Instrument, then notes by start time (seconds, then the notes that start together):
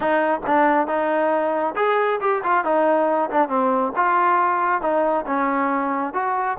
trombone
0.00 D#4
0.46 D4
0.87 D#4
1.76 G#4
2.20 G4
2.43 F4
2.64 D#4
3.30 D4
3.48 C4
3.95 F4
4.81 D#4
5.26 C#4
6.13 F#4